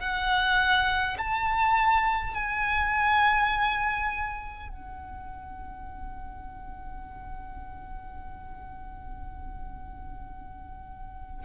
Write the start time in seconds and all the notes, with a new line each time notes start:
0.00 F#5
1.18 A5
2.34 G#5
4.70 F#5